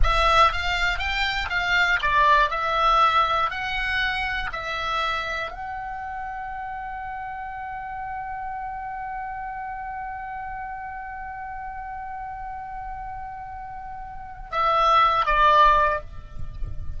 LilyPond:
\new Staff \with { instrumentName = "oboe" } { \time 4/4 \tempo 4 = 120 e''4 f''4 g''4 f''4 | d''4 e''2 fis''4~ | fis''4 e''2 fis''4~ | fis''1~ |
fis''1~ | fis''1~ | fis''1~ | fis''4 e''4. d''4. | }